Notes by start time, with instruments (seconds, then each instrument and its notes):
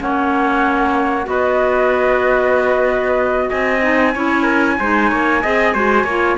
0.00 cello A#3, clarinet C#4, trumpet C#5, flute F#5
1.24 cello B3, clarinet F#4, trumpet B4, flute D#5
3.49 cello C4, trumpet D#5, flute G#5
3.82 clarinet D#4
4.14 cello C#4, clarinet E4, trumpet C#5
4.44 trumpet A#4
4.80 cello G#3, clarinet D#4, trumpet C5
5.10 cello A#3, trumpet C#5
5.43 cello C4, clarinet G#4, trumpet D#5
5.74 cello G#3, clarinet F#4, trumpet C5
6.05 cello A#3, clarinet F4, trumpet C#5